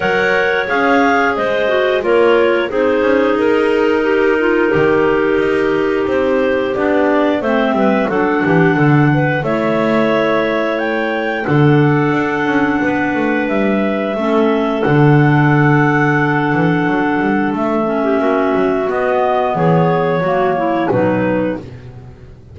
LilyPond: <<
  \new Staff \with { instrumentName = "clarinet" } { \time 4/4 \tempo 4 = 89 fis''4 f''4 dis''4 cis''4 | c''4 ais'2.~ | ais'4 c''4 d''4 e''4 | fis''2 e''2 |
g''4 fis''2. | e''2 fis''2~ | fis''2 e''2 | dis''4 cis''2 b'4 | }
  \new Staff \with { instrumentName = "clarinet" } { \time 4/4 cis''2 c''4 ais'4 | gis'2 g'8 f'8 g'4~ | g'2. c''8 b'8 | a'8 g'8 a'8 b'8 cis''2~ |
cis''4 a'2 b'4~ | b'4 a'2.~ | a'2~ a'8. g'16 fis'4~ | fis'4 gis'4 fis'8 e'8 dis'4 | }
  \new Staff \with { instrumentName = "clarinet" } { \time 4/4 ais'4 gis'4. fis'8 f'4 | dis'1~ | dis'2 d'4 c'4 | d'2 e'2~ |
e'4 d'2.~ | d'4 cis'4 d'2~ | d'2~ d'8 cis'4. | b2 ais4 fis4 | }
  \new Staff \with { instrumentName = "double bass" } { \time 4/4 fis4 cis'4 gis4 ais4 | c'8 cis'8 dis'2 dis4 | dis'4 c'4 b4 a8 g8 | fis8 e8 d4 a2~ |
a4 d4 d'8 cis'8 b8 a8 | g4 a4 d2~ | d8 e8 fis8 g8 a4 ais8 fis8 | b4 e4 fis4 b,4 | }
>>